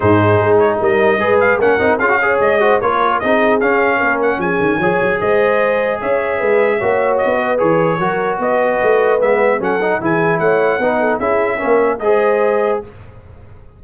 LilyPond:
<<
  \new Staff \with { instrumentName = "trumpet" } { \time 4/4 \tempo 4 = 150 c''4. cis''8 dis''4. f''8 | fis''4 f''4 dis''4 cis''4 | dis''4 f''4. fis''8 gis''4~ | gis''4 dis''2 e''4~ |
e''2 dis''4 cis''4~ | cis''4 dis''2 e''4 | fis''4 gis''4 fis''2 | e''2 dis''2 | }
  \new Staff \with { instrumentName = "horn" } { \time 4/4 gis'2 ais'4 b'4 | ais'4 gis'8 cis''4 c''8 ais'4 | gis'2 ais'4 gis'4 | cis''4 c''2 cis''4 |
b'4 cis''4. b'4. | ais'4 b'2. | a'4 gis'4 cis''4 b'8 a'8 | gis'4 ais'4 c''2 | }
  \new Staff \with { instrumentName = "trombone" } { \time 4/4 dis'2. gis'4 | cis'8 dis'8 f'16 fis'16 gis'4 fis'8 f'4 | dis'4 cis'2. | gis'1~ |
gis'4 fis'2 gis'4 | fis'2. b4 | cis'8 dis'8 e'2 dis'4 | e'4 cis'4 gis'2 | }
  \new Staff \with { instrumentName = "tuba" } { \time 4/4 gis,4 gis4 g4 gis4 | ais8 c'8 cis'4 gis4 ais4 | c'4 cis'4 ais4 f8 dis8 | f8 fis8 gis2 cis'4 |
gis4 ais4 b4 e4 | fis4 b4 a4 gis4 | fis4 e4 a4 b4 | cis'4 ais4 gis2 | }
>>